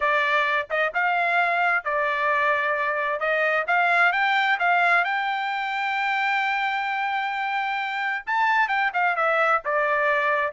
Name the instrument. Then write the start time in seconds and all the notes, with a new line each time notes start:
trumpet
0.00 D5
0.70 D#5
0.94 F5
1.84 D5
3.19 D#5
3.67 F5
4.12 G5
4.59 F5
5.04 G5
8.26 A5
8.68 G5
8.93 F5
9.15 E5
9.64 D5